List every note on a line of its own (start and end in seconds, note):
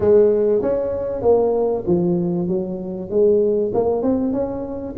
0.00 0.62 G#3
0.62 1.22 C#4
1.22 1.84 A#3
1.86 2.47 F3
2.47 3.09 F#3
3.10 3.72 G#3
3.74 4.02 A#3
4.02 4.32 C4
4.32 4.94 C#4